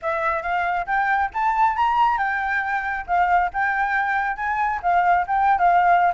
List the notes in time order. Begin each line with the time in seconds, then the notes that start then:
0.01 E5
0.42 F5
0.86 G5
1.33 A5
1.76 A#5
2.18 G5
3.07 F5
3.53 G5
4.36 G#5
4.82 F5
5.27 G5
5.58 F5